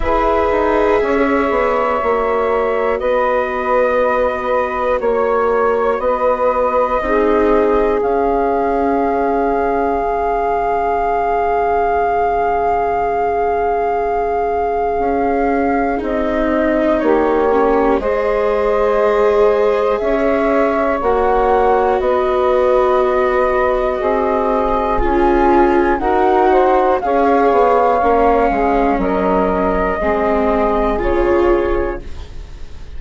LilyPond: <<
  \new Staff \with { instrumentName = "flute" } { \time 4/4 \tempo 4 = 60 e''2. dis''4~ | dis''4 cis''4 dis''2 | f''1~ | f''1 |
dis''4 cis''4 dis''2 | e''4 fis''4 dis''2~ | dis''4 gis''4 fis''4 f''4~ | f''4 dis''2 cis''4 | }
  \new Staff \with { instrumentName = "saxophone" } { \time 4/4 b'4 cis''2 b'4~ | b'4 cis''4 b'4 gis'4~ | gis'1~ | gis'1~ |
gis'4 g'4 c''2 | cis''2 b'2 | gis'2 ais'8 c''8 cis''4~ | cis''8 gis'8 ais'4 gis'2 | }
  \new Staff \with { instrumentName = "viola" } { \time 4/4 gis'2 fis'2~ | fis'2. dis'4 | cis'1~ | cis'1 |
dis'4. cis'8 gis'2~ | gis'4 fis'2.~ | fis'4 f'4 fis'4 gis'4 | cis'2 c'4 f'4 | }
  \new Staff \with { instrumentName = "bassoon" } { \time 4/4 e'8 dis'8 cis'8 b8 ais4 b4~ | b4 ais4 b4 c'4 | cis'2 cis2~ | cis2. cis'4 |
c'4 ais4 gis2 | cis'4 ais4 b2 | c'4 cis'4 dis'4 cis'8 b8 | ais8 gis8 fis4 gis4 cis4 | }
>>